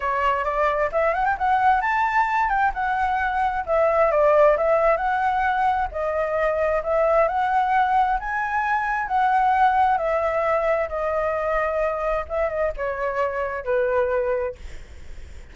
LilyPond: \new Staff \with { instrumentName = "flute" } { \time 4/4 \tempo 4 = 132 cis''4 d''4 e''8 fis''16 g''16 fis''4 | a''4. g''8 fis''2 | e''4 d''4 e''4 fis''4~ | fis''4 dis''2 e''4 |
fis''2 gis''2 | fis''2 e''2 | dis''2. e''8 dis''8 | cis''2 b'2 | }